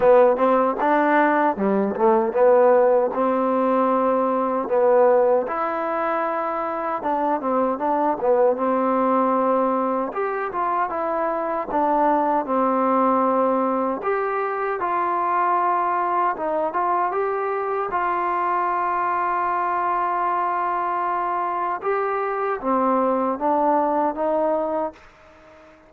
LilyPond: \new Staff \with { instrumentName = "trombone" } { \time 4/4 \tempo 4 = 77 b8 c'8 d'4 g8 a8 b4 | c'2 b4 e'4~ | e'4 d'8 c'8 d'8 b8 c'4~ | c'4 g'8 f'8 e'4 d'4 |
c'2 g'4 f'4~ | f'4 dis'8 f'8 g'4 f'4~ | f'1 | g'4 c'4 d'4 dis'4 | }